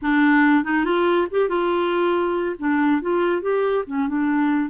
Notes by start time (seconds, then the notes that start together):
0.02 D4
0.64 D#4
0.85 F4
1.31 G4
1.49 F4
2.58 D4
3.01 F4
3.41 G4
3.86 C#4
4.08 D4